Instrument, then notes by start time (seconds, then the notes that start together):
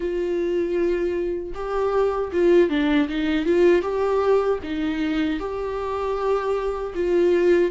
viola
0.00 F4
1.54 G4
2.32 F4
2.69 D4
3.08 D#4
3.45 F4
3.81 G4
4.63 D#4
5.39 G4
6.94 F4